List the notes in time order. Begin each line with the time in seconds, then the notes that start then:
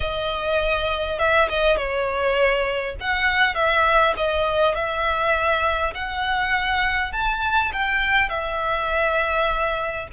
0.00 D#5
1.19 E5
1.48 D#5
1.76 C#5
3.00 F#5
3.54 E5
4.16 D#5
4.74 E5
5.94 F#5
7.12 A5
7.73 G5
8.29 E5